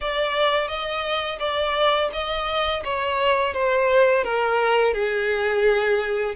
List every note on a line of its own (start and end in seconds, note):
0.00 0.68 D5
0.68 1.38 D#5
1.39 2.09 D5
2.12 2.83 D#5
2.84 3.53 C#5
3.53 4.24 C5
4.24 4.93 A#4
4.93 6.34 G#4